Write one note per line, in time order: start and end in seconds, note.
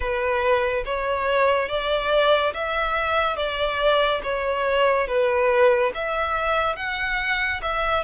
0.00 0.84 B4
0.85 1.69 C#5
1.69 2.53 D5
2.54 3.36 E5
3.36 4.21 D5
4.23 5.07 C#5
5.07 5.92 B4
5.94 6.76 E5
6.76 7.60 F#5
7.62 8.03 E5